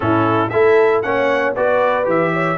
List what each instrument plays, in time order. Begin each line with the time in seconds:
0.00 tuba A2, trombone C#4, horn E4, trumpet A4
0.49 tuba A3, trombone E4, horn A4, trumpet E5
1.02 tuba A#3, trombone C#4, horn C#5, trumpet F#5
1.54 tuba B3, trombone F#4, horn B4, trumpet D5
2.04 tuba E3, trombone G4, trumpet E5
2.33 horn C#5